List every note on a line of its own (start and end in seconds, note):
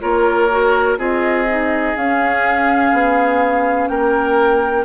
0.00 0.98 A#3
0.00 0.49 F4
0.00 0.99 A#4
0.00 0.97 C#5
0.51 0.98 F#4
0.98 1.95 C4
0.98 1.46 F4
0.98 3.89 G#4
0.98 1.96 D#5
1.49 1.97 D#4
1.97 2.93 C#4
1.97 4.85 C#4
1.97 3.88 F5
2.93 3.89 B3
3.88 4.85 A#3
3.88 4.85 A#4
3.88 4.85 G5